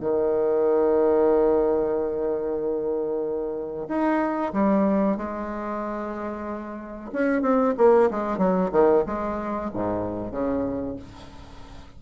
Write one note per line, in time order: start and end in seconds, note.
0.00 3.87 D#3
3.88 4.52 D#4
4.52 5.17 G3
5.17 7.10 G#3
7.12 7.42 C#4
7.42 7.74 C4
7.77 8.09 A#3
8.10 8.38 G#3
8.38 8.70 F#3
8.72 9.04 D#3
9.06 9.70 G#3
9.74 10.31 G#2
10.31 10.96 C#3